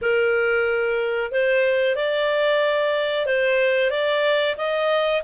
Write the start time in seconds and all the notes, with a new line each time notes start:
0.01 A#4
1.31 C5
1.95 D5
3.25 C5
3.90 D5
4.57 D#5